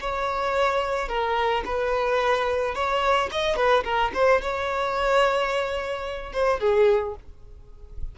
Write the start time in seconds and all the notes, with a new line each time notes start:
0.00 C#5
1.08 A#4
1.65 B4
2.74 C#5
3.32 D#5
3.56 B4
3.84 A#4
4.14 C5
4.42 C#5
6.33 C5
6.60 G#4